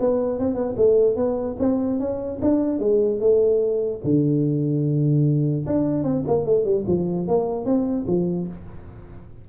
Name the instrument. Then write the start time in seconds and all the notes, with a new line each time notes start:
tuba
0.00 B3
0.39 C4
0.55 B3
0.77 A3
1.16 B3
1.59 C4
2.00 C#4
2.42 D4
2.79 G#3
3.20 A3
4.04 D3
5.67 D4
6.04 C4
6.27 A#3
6.46 A3
6.65 G3
6.87 F3
7.28 A#3
7.65 C4
8.07 F3